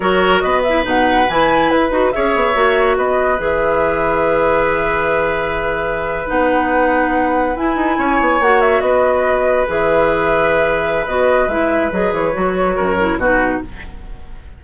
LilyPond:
<<
  \new Staff \with { instrumentName = "flute" } { \time 4/4 \tempo 4 = 141 cis''4 dis''8 e''8 fis''4 gis''4 | b'4 e''2 dis''4 | e''1~ | e''2~ e''8. fis''4~ fis''16~ |
fis''4.~ fis''16 gis''2 fis''16~ | fis''16 e''8 dis''2 e''4~ e''16~ | e''2 dis''4 e''4 | dis''8 cis''2~ cis''8 b'4 | }
  \new Staff \with { instrumentName = "oboe" } { \time 4/4 ais'4 b'2.~ | b'4 cis''2 b'4~ | b'1~ | b'1~ |
b'2~ b'8. cis''4~ cis''16~ | cis''8. b'2.~ b'16~ | b'1~ | b'2 ais'4 fis'4 | }
  \new Staff \with { instrumentName = "clarinet" } { \time 4/4 fis'4. e'8 dis'4 e'4~ | e'8 fis'8 gis'4 fis'2 | gis'1~ | gis'2~ gis'8. dis'4~ dis'16~ |
dis'4.~ dis'16 e'2 fis'16~ | fis'2~ fis'8. gis'4~ gis'16~ | gis'2 fis'4 e'4 | gis'4 fis'4. e'8 dis'4 | }
  \new Staff \with { instrumentName = "bassoon" } { \time 4/4 fis4 b4 b,4 e4 | e'8 dis'8 cis'8 b8 ais4 b4 | e1~ | e2~ e8. b4~ b16~ |
b4.~ b16 e'8 dis'8 cis'8 b8 ais16~ | ais8. b2 e4~ e16~ | e2 b4 gis4 | fis8 e8 fis4 fis,4 b,4 | }
>>